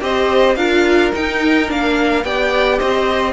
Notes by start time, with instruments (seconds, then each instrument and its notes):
0.00 cello C4, viola G4, violin C5 D#5
0.55 cello D4, viola F4, violin A#4 F5
1.13 viola D#4, cello D#4, violin G5
1.67 cello A#3, viola D4, violin F5
2.23 cello B3, viola G4, violin D5 G5
2.78 cello C4, violin C5 D#5